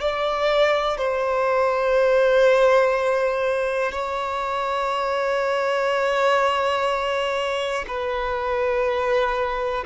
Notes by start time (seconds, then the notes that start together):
0.00 D5
0.97 C5
3.92 C#5
7.87 B4